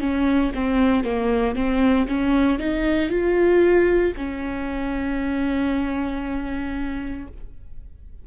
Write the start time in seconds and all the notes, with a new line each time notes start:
0.00 C#4
0.55 C4
1.04 A#3
1.55 C4
2.07 C#4
2.59 D#4
3.09 F4
4.17 C#4